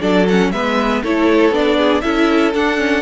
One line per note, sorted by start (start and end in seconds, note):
0.00 0.52 F#3
0.00 0.25 D4
0.00 0.51 A4
0.00 0.27 D5
0.28 0.54 C#4
0.28 0.51 F#5
0.51 1.02 G#3
0.51 1.04 B3
0.51 1.03 B4
0.51 1.02 E5
1.03 1.50 A3
1.03 1.52 E4
1.03 1.77 A4
1.03 1.54 C#5
1.50 2.01 B3
1.50 2.02 D4
1.50 2.01 D5
1.77 2.03 G#4
2.01 2.54 C#4
2.01 2.53 E4
2.01 3.01 A4
2.01 2.51 E5
2.54 2.77 D4
2.54 3.01 D4
2.54 3.01 F#5
2.77 3.01 C#4